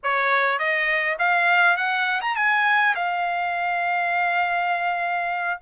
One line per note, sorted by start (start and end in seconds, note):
0.03 0.58 C#5
0.58 1.17 D#5
1.18 1.76 F5
1.76 2.21 F#5
2.21 2.36 A#5
2.36 2.94 G#5
2.95 5.60 F5